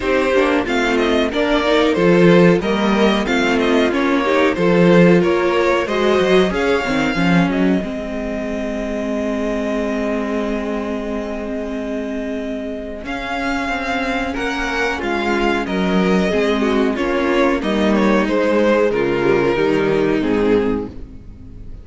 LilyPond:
<<
  \new Staff \with { instrumentName = "violin" } { \time 4/4 \tempo 4 = 92 c''4 f''8 dis''8 d''4 c''4 | dis''4 f''8 dis''8 cis''4 c''4 | cis''4 dis''4 f''4. dis''8~ | dis''1~ |
dis''1 | f''2 fis''4 f''4 | dis''2 cis''4 dis''8 cis''8 | c''4 ais'2 gis'4 | }
  \new Staff \with { instrumentName = "violin" } { \time 4/4 g'4 f'4 ais'4 a'4 | ais'4 f'4. g'8 a'4 | ais'4 c''4 cis''4 gis'4~ | gis'1~ |
gis'1~ | gis'2 ais'4 f'4 | ais'4 gis'8 fis'8 f'4 dis'4~ | dis'4 f'4 dis'2 | }
  \new Staff \with { instrumentName = "viola" } { \time 4/4 dis'8 d'8 c'4 d'8 dis'8 f'4 | ais4 c'4 cis'8 dis'8 f'4~ | f'4 fis'4 gis'8 c'8 cis'4 | c'1~ |
c'1 | cis'1~ | cis'4 c'4 cis'4 ais4 | gis4. g16 f16 g4 c'4 | }
  \new Staff \with { instrumentName = "cello" } { \time 4/4 c'8 ais8 a4 ais4 f4 | g4 a4 ais4 f4 | ais4 gis8 fis8 cis'8 dis8 f8 fis8 | gis1~ |
gis1 | cis'4 c'4 ais4 gis4 | fis4 gis4 ais4 g4 | gis4 cis4 dis4 gis,4 | }
>>